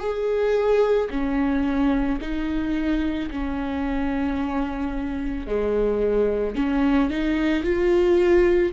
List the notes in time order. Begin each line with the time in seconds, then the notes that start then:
0.00 G#4
1.10 C#4
2.21 D#4
3.31 C#4
5.46 G#3
6.56 C#4
7.10 D#4
7.64 F4